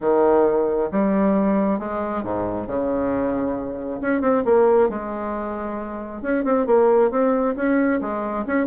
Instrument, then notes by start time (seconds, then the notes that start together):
bassoon
0.00 D#3
0.91 G3
1.79 G#3
2.23 G#2
2.67 C#3
4.01 C#4
4.21 C4
4.44 A#3
4.89 G#3
6.22 C#4
6.44 C4
6.66 A#3
7.11 C4
7.56 C#4
8.01 G#3
8.46 C#4